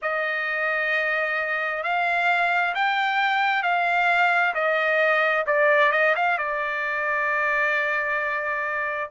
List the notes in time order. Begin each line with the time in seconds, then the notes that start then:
0.02 D#5
1.83 F5
2.74 G5
3.62 F5
4.54 D#5
5.46 D5
5.91 D#5
6.15 F5
6.38 D5